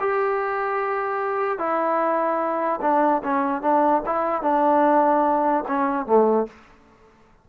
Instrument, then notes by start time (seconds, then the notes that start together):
trombone
0.00 G4
1.58 E4
2.81 D4
3.23 C#4
3.62 D4
4.06 E4
4.42 D4
5.68 C#4
6.06 A3